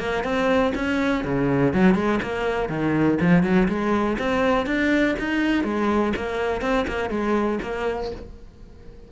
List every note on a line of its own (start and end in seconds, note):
0.00 0.25 A#3
0.25 0.74 C4
0.76 1.25 C#4
1.25 1.74 C#3
1.74 1.95 F#3
1.95 2.20 G#3
2.23 2.70 A#3
2.70 3.19 D#3
3.21 3.44 F3
3.44 3.68 F#3
3.69 4.18 G#3
4.19 4.67 C4
4.67 5.16 D4
5.19 5.64 D#4
5.64 6.14 G#3
6.17 6.62 A#3
6.62 6.87 C4
6.88 7.10 A#3
7.10 7.60 G#3
7.63 8.12 A#3